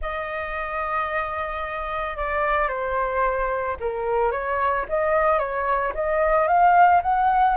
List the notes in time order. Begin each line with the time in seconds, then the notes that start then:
0.01 D#5
2.16 D5
2.68 C5
3.80 A#4
4.31 C#5
4.88 D#5
5.38 C#5
5.94 D#5
6.47 F5
7.02 F#5